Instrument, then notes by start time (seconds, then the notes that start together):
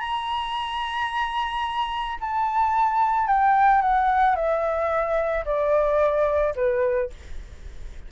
flute
0.00 A#5
2.20 A5
3.27 G5
3.82 F#5
4.35 E5
5.45 D5
6.56 B4